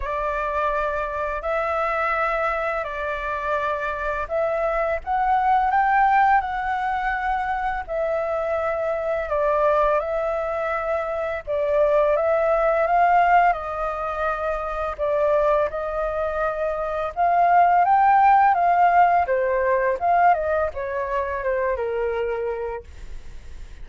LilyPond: \new Staff \with { instrumentName = "flute" } { \time 4/4 \tempo 4 = 84 d''2 e''2 | d''2 e''4 fis''4 | g''4 fis''2 e''4~ | e''4 d''4 e''2 |
d''4 e''4 f''4 dis''4~ | dis''4 d''4 dis''2 | f''4 g''4 f''4 c''4 | f''8 dis''8 cis''4 c''8 ais'4. | }